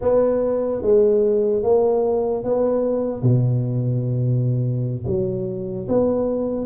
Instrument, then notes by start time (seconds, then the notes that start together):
tuba
0.01 B3
0.82 G#3
1.63 A#3
2.44 B3
3.22 B2
5.06 F#3
5.88 B3